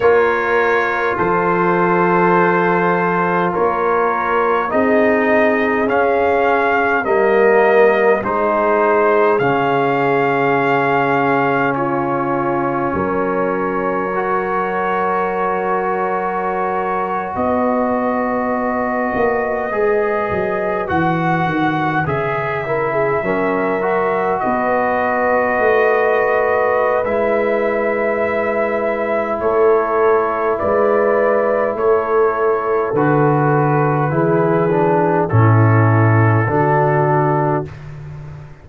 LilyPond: <<
  \new Staff \with { instrumentName = "trumpet" } { \time 4/4 \tempo 4 = 51 cis''4 c''2 cis''4 | dis''4 f''4 dis''4 c''4 | f''2 cis''2~ | cis''2~ cis''8. dis''4~ dis''16~ |
dis''4.~ dis''16 fis''4 e''4~ e''16~ | e''8. dis''2~ dis''16 e''4~ | e''4 cis''4 d''4 cis''4 | b'2 a'2 | }
  \new Staff \with { instrumentName = "horn" } { \time 4/4 ais'4 a'2 ais'4 | gis'2 ais'4 gis'4~ | gis'2 f'4 ais'4~ | ais'2~ ais'8. b'4~ b'16~ |
b'2.~ b'16 ais'16 gis'16 ais'16~ | ais'8. b'2.~ b'16~ | b'4 a'4 b'4 a'4~ | a'4 gis'4 e'4 fis'4 | }
  \new Staff \with { instrumentName = "trombone" } { \time 4/4 f'1 | dis'4 cis'4 ais4 dis'4 | cis'1 | fis'1~ |
fis'8. gis'4 fis'4 gis'8 e'8 cis'16~ | cis'16 fis'2~ fis'8. e'4~ | e'1 | fis'4 e'8 d'8 cis'4 d'4 | }
  \new Staff \with { instrumentName = "tuba" } { \time 4/4 ais4 f2 ais4 | c'4 cis'4 g4 gis4 | cis2. fis4~ | fis2~ fis8. b4~ b16~ |
b16 ais8 gis8 fis8 e8 dis8 cis4 fis16~ | fis8. b4 a4~ a16 gis4~ | gis4 a4 gis4 a4 | d4 e4 a,4 d4 | }
>>